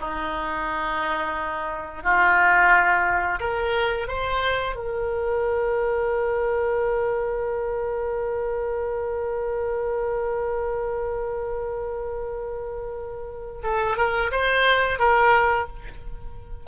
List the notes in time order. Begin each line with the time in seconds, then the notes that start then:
0.00 D#4
2.03 F4
3.40 A#4
4.08 C5
4.75 A#4
13.64 A4
13.97 A#4
14.32 C5
14.99 A#4